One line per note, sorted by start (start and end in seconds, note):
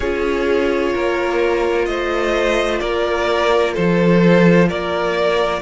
0.00 0.94 C#4
0.00 5.62 F4
0.00 0.93 G#4
0.00 1.85 C#5
0.93 1.87 A#3
0.93 1.87 A#4
1.85 2.80 A3
1.85 2.80 C5
1.85 2.79 D#5
2.79 3.75 A#3
2.79 3.73 A#4
2.79 3.73 D5
3.73 4.71 F3
3.73 4.67 A4
3.73 4.68 C5
4.68 5.62 A#3
4.68 5.61 A#4
4.68 5.62 D5